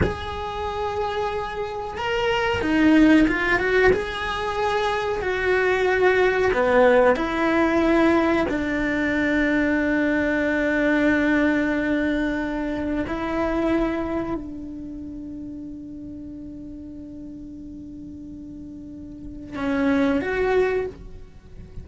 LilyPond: \new Staff \with { instrumentName = "cello" } { \time 4/4 \tempo 4 = 92 gis'2. ais'4 | dis'4 f'8 fis'8 gis'2 | fis'2 b4 e'4~ | e'4 d'2.~ |
d'1 | e'2 d'2~ | d'1~ | d'2 cis'4 fis'4 | }